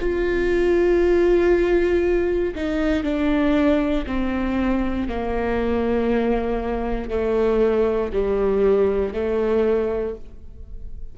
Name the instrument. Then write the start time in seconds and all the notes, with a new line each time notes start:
viola
0.00 F4
2.55 D#4
3.03 D4
4.06 C4
5.08 A#3
7.10 A3
8.12 G3
9.13 A3